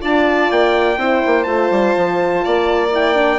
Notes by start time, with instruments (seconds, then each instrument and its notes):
0.00 bassoon D4, horn F4, violin D5, trumpet A5
0.51 bassoon A#3, trumpet G5
0.97 bassoon C4, horn E4, violin C5
1.26 bassoon A#3
1.44 bassoon A3, horn F4, trumpet A5
1.71 bassoon G3
1.97 bassoon F3
2.45 bassoon A#3, violin D5
2.91 horn E4, trumpet G5
3.14 horn D4